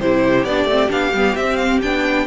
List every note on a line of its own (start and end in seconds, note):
0.00 0.44 C3
0.00 0.47 E4
0.00 2.27 G4
0.00 0.45 C5
0.44 0.65 B3
0.44 0.70 D4
0.44 0.90 D5
0.65 0.87 A3
0.65 0.89 C4
0.89 1.13 B3
0.89 1.11 D4
0.89 1.36 F5
1.13 1.36 G3
1.13 1.38 B3
1.36 1.81 C4
1.36 1.82 C4
1.36 1.57 E5
1.57 1.79 F5
1.82 2.27 B3
1.82 2.27 D4
1.82 2.27 G5